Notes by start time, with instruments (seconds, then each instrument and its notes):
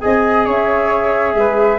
0.00 tuba C4, trombone G#4, flute D#5 G#5
0.45 tuba C#4, flute C#5 E5
1.34 tuba G#3, flute B4